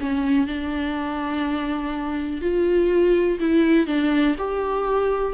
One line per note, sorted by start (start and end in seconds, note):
0.00 0.47 C#4
0.47 2.41 D4
2.41 3.38 F4
3.39 3.86 E4
3.86 4.35 D4
4.38 5.33 G4